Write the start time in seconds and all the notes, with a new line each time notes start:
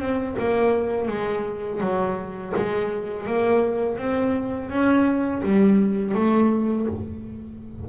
0.00 C4
0.39 A#3
1.08 G#3
1.81 F#3
2.56 G#3
3.27 A#3
3.98 C4
4.70 C#4
5.43 G3
6.15 A3